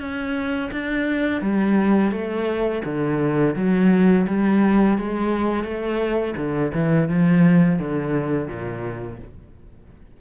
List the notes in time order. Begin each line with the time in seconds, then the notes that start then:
0.00 C#4
0.72 D4
1.42 G3
2.12 A3
2.85 D3
3.56 F#3
4.28 G3
4.98 G#3
5.64 A3
6.37 D3
6.74 E3
7.09 F3
7.79 D3
8.48 A#2